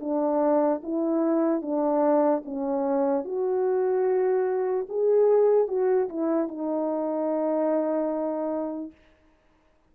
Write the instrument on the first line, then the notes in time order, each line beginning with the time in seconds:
horn
0.00 D4
0.83 E4
1.61 D4
2.45 C#4
3.24 F#4
4.89 G#4
5.68 F#4
6.09 E4
6.48 D#4